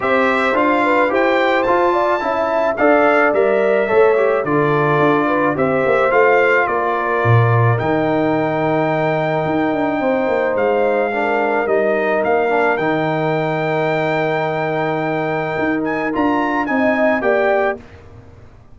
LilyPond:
<<
  \new Staff \with { instrumentName = "trumpet" } { \time 4/4 \tempo 4 = 108 e''4 f''4 g''4 a''4~ | a''4 f''4 e''2 | d''2 e''4 f''4 | d''2 g''2~ |
g''2. f''4~ | f''4 dis''4 f''4 g''4~ | g''1~ | g''8 gis''8 ais''4 gis''4 g''4 | }
  \new Staff \with { instrumentName = "horn" } { \time 4/4 c''4. b'8 c''4. d''8 | e''4 d''2 cis''4 | a'4. b'8 c''2 | ais'1~ |
ais'2 c''2 | ais'1~ | ais'1~ | ais'2 dis''4 d''4 | }
  \new Staff \with { instrumentName = "trombone" } { \time 4/4 g'4 f'4 g'4 f'4 | e'4 a'4 ais'4 a'8 g'8 | f'2 g'4 f'4~ | f'2 dis'2~ |
dis'1 | d'4 dis'4. d'8 dis'4~ | dis'1~ | dis'4 f'4 dis'4 g'4 | }
  \new Staff \with { instrumentName = "tuba" } { \time 4/4 c'4 d'4 e'4 f'4 | cis'4 d'4 g4 a4 | d4 d'4 c'8 ais8 a4 | ais4 ais,4 dis2~ |
dis4 dis'8 d'8 c'8 ais8 gis4~ | gis4 g4 ais4 dis4~ | dis1 | dis'4 d'4 c'4 ais4 | }
>>